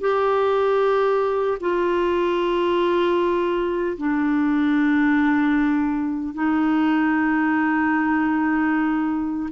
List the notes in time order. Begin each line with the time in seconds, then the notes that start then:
0.00 G4
1.60 F4
3.97 D4
6.34 D#4